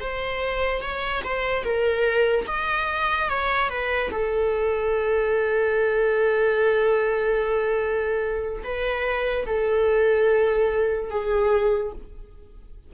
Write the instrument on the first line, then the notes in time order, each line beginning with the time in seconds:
viola
0.00 C5
0.81 C#5
1.24 C5
1.64 A#4
2.47 D#5
3.30 C#5
3.69 B4
4.11 A4
8.64 B4
9.46 A4
11.10 G#4